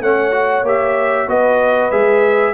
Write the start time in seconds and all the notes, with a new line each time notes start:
0.00 A3 C#4 C#5 F#5
0.31 F#4
0.63 A#3 G4 E5
1.27 B3 F#4 B4 D#5
1.91 G#3 G#4 E5